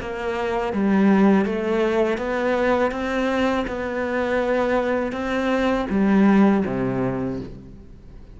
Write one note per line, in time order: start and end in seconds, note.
0.00 0.73 A#3
0.73 1.45 G3
1.45 2.18 A3
2.18 2.91 B3
2.91 3.65 C4
3.67 5.12 B3
5.12 5.86 C4
5.89 6.63 G3
6.65 7.39 C3